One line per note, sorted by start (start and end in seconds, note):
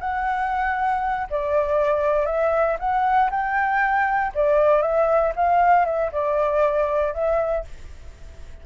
0.00 1.27 F#5
1.30 2.26 D5
2.26 2.77 E5
2.79 3.30 F#5
3.31 4.32 G5
4.34 4.81 D5
4.81 5.32 E5
5.36 5.85 F5
5.85 6.11 E5
6.12 7.13 D5
7.13 7.64 E5